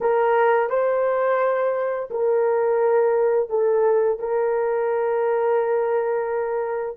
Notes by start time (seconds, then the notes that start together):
0.01 A#4
0.69 C5
2.10 A#4
3.49 A4
4.19 A#4